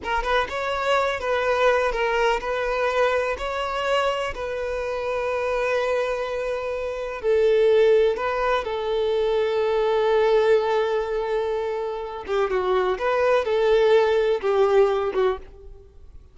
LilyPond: \new Staff \with { instrumentName = "violin" } { \time 4/4 \tempo 4 = 125 ais'8 b'8 cis''4. b'4. | ais'4 b'2 cis''4~ | cis''4 b'2.~ | b'2. a'4~ |
a'4 b'4 a'2~ | a'1~ | a'4. g'8 fis'4 b'4 | a'2 g'4. fis'8 | }